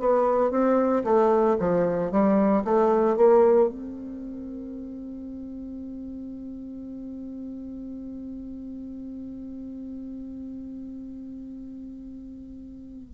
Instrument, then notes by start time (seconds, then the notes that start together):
bassoon
0.00 B3
0.51 C4
1.04 A3
1.59 F3
2.11 G3
2.65 A3
3.17 A#3
3.69 C4